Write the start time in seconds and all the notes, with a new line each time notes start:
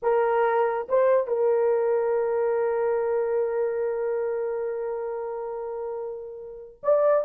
0.02 A#4
0.88 C5
1.27 A#4
6.83 D5